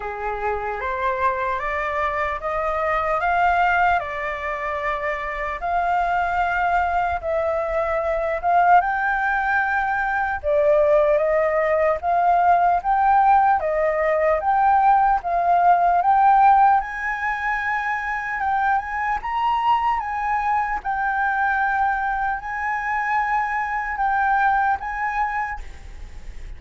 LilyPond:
\new Staff \with { instrumentName = "flute" } { \time 4/4 \tempo 4 = 75 gis'4 c''4 d''4 dis''4 | f''4 d''2 f''4~ | f''4 e''4. f''8 g''4~ | g''4 d''4 dis''4 f''4 |
g''4 dis''4 g''4 f''4 | g''4 gis''2 g''8 gis''8 | ais''4 gis''4 g''2 | gis''2 g''4 gis''4 | }